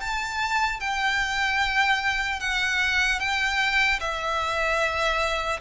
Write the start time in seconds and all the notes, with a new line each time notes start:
0.00 A5
0.80 G5
2.40 F#5
3.19 G5
4.00 E5